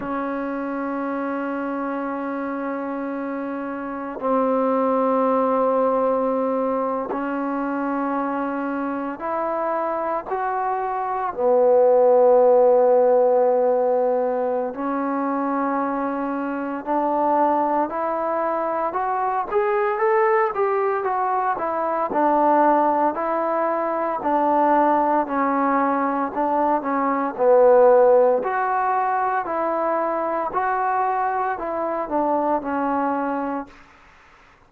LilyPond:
\new Staff \with { instrumentName = "trombone" } { \time 4/4 \tempo 4 = 57 cis'1 | c'2~ c'8. cis'4~ cis'16~ | cis'8. e'4 fis'4 b4~ b16~ | b2 cis'2 |
d'4 e'4 fis'8 gis'8 a'8 g'8 | fis'8 e'8 d'4 e'4 d'4 | cis'4 d'8 cis'8 b4 fis'4 | e'4 fis'4 e'8 d'8 cis'4 | }